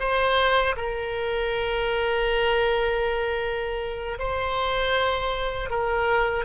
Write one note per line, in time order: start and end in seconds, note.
0.00 0.76 C5
0.77 4.18 A#4
4.19 5.70 C5
5.70 6.45 A#4